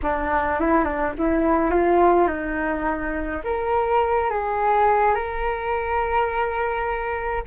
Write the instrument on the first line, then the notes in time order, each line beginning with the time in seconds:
flute
0.02 D4
0.59 E4
0.84 D4
1.17 E4
1.70 F4
2.27 D#4
3.44 A#4
4.30 G#4
5.14 A#4